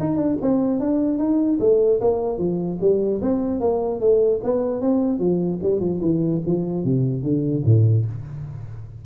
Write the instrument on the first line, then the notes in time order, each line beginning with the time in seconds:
tuba
0.00 D#4
0.17 D4
0.42 C4
0.80 D4
1.18 D#4
1.60 A3
2.01 A#3
2.38 F3
2.81 G3
3.22 C4
3.61 A#3
4.00 A3
4.44 B3
4.81 C4
5.19 F3
5.63 G3
5.80 F3
6.01 E3
6.46 F3
6.84 C3
7.23 D3
7.65 A2